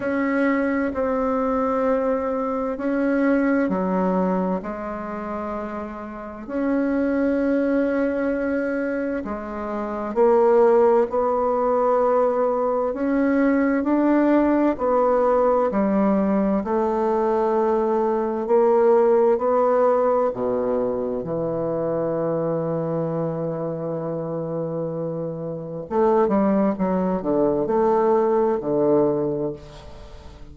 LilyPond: \new Staff \with { instrumentName = "bassoon" } { \time 4/4 \tempo 4 = 65 cis'4 c'2 cis'4 | fis4 gis2 cis'4~ | cis'2 gis4 ais4 | b2 cis'4 d'4 |
b4 g4 a2 | ais4 b4 b,4 e4~ | e1 | a8 g8 fis8 d8 a4 d4 | }